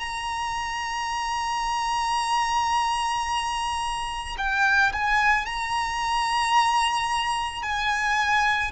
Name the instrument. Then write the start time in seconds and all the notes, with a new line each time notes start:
violin
0.00 A#5
4.38 G5
4.93 G#5
5.46 A#5
7.63 G#5